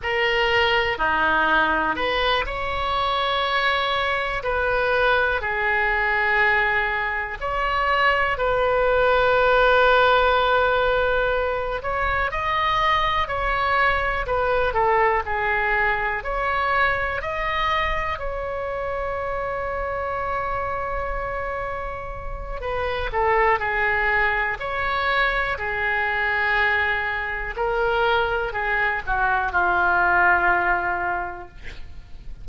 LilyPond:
\new Staff \with { instrumentName = "oboe" } { \time 4/4 \tempo 4 = 61 ais'4 dis'4 b'8 cis''4.~ | cis''8 b'4 gis'2 cis''8~ | cis''8 b'2.~ b'8 | cis''8 dis''4 cis''4 b'8 a'8 gis'8~ |
gis'8 cis''4 dis''4 cis''4.~ | cis''2. b'8 a'8 | gis'4 cis''4 gis'2 | ais'4 gis'8 fis'8 f'2 | }